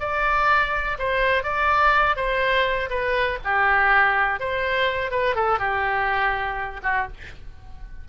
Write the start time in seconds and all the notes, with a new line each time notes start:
0.00 D5
0.99 C5
1.44 D5
2.17 C5
2.90 B4
3.45 G4
4.40 C5
5.11 B4
5.36 A4
5.59 G4
6.83 F#4